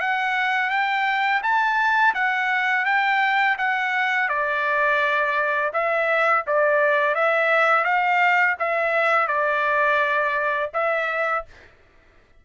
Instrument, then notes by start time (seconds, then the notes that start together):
trumpet
0.00 F#5
0.70 G5
1.42 A5
2.14 F#5
2.85 G5
3.58 F#5
4.29 D5
5.73 E5
6.47 D5
7.15 E5
7.84 F5
8.59 E5
9.27 D5
10.73 E5